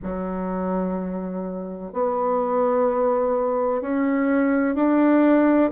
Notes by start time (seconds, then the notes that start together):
0.03 F#3
1.93 B3
3.81 C#4
4.75 D4